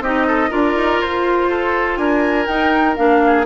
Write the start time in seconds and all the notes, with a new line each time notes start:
0.00 C4 D#4 G4 D#5
0.27 A4
0.50 D4 F4 A#4 D5
0.75 D#4
1.01 F4 C5
1.50 A4
1.96 D4 A#4 G#5
2.46 D#4 G5
2.96 A#3 D4 F5
3.26 G#4